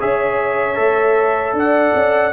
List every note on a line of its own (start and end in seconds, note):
0.00 0.79 C#4
0.00 0.75 G#4
0.00 1.56 C#5
0.00 1.56 E5
0.75 1.53 A3
0.75 2.31 A4
1.53 1.92 D4
1.53 2.32 D5
1.53 2.32 F#5
1.95 2.32 C#4